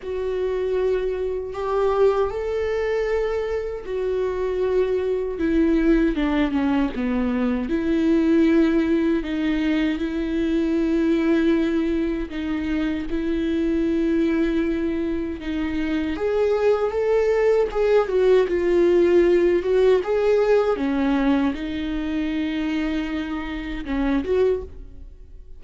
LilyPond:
\new Staff \with { instrumentName = "viola" } { \time 4/4 \tempo 4 = 78 fis'2 g'4 a'4~ | a'4 fis'2 e'4 | d'8 cis'8 b4 e'2 | dis'4 e'2. |
dis'4 e'2. | dis'4 gis'4 a'4 gis'8 fis'8 | f'4. fis'8 gis'4 cis'4 | dis'2. cis'8 fis'8 | }